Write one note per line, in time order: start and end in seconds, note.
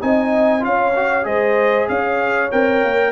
0.00 0.64 C4
0.00 0.60 D#4
0.00 0.64 D#5
0.00 0.64 G#5
0.60 1.25 C#4
0.60 0.92 F4
0.60 1.27 C#5
0.60 1.25 F5
0.95 1.23 F#4
1.23 1.88 G#3
1.23 2.48 G#4
1.23 1.89 C5
1.23 1.88 D#5
1.89 2.51 C#4
1.89 3.11 C#5
1.89 2.51 F5
2.51 2.84 C4
2.51 3.11 A#4
2.51 3.11 G5
2.84 3.11 A#3